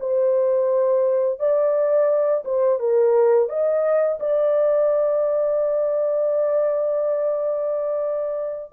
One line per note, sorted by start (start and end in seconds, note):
0.00 1.39 C5
1.39 2.44 D5
2.45 2.79 C5
2.80 3.49 A#4
3.49 4.19 D#5
4.20 8.73 D5